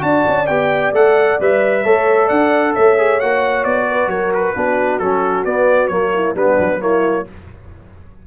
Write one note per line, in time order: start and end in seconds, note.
0.00 0.25 D4
0.00 0.45 F#4
0.00 1.84 D5
0.00 0.47 A5
0.28 0.49 C#4
0.47 0.92 B3
0.47 0.95 G4
0.47 0.92 G5
0.92 1.38 A3
0.92 1.40 A4
0.92 1.40 F#5
1.40 1.85 G3
1.40 1.85 B4
1.40 2.29 E5
1.84 2.30 A3
1.84 2.98 A4
1.84 2.27 C#5
2.27 2.75 D4
2.27 2.72 D5
2.27 2.74 F#5
2.74 3.22 A3
2.74 3.87 C#5
2.74 3.20 E5
2.98 3.20 G#4
3.20 3.65 A#3
3.20 4.56 F#4
3.20 3.64 F#5
3.64 4.07 B3
3.64 4.09 D5
3.89 4.10 B4
4.07 4.53 F#3
4.07 4.55 A#4
4.07 4.32 C#5
4.34 4.99 B4
4.56 5.00 B3
4.56 5.01 D4
4.56 6.13 F#4
4.99 5.45 F#3
4.99 5.46 C#4
4.99 5.44 A4
5.45 5.89 B3
5.45 5.91 B3
5.45 5.88 D5
5.88 6.34 F#3
5.88 6.36 A#3
5.88 6.33 C#5
6.14 6.36 E4
6.35 6.58 G3
6.35 6.80 B3
6.35 6.81 D4
6.35 6.82 B4
6.59 7.27 F#3
6.80 7.25 A#3
6.80 7.26 E4
6.80 7.27 C#5